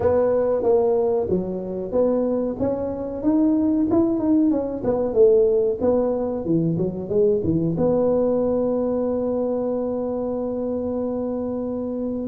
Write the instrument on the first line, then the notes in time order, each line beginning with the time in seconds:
tuba
0.00 B3
0.62 A#3
1.29 F#3
1.91 B3
2.59 C#4
3.22 D#4
3.90 E4
4.19 D#4
4.50 C#4
4.84 B3
5.13 A3
5.80 B3
6.45 E3
6.77 F#3
7.09 G#3
7.43 E3
7.77 B3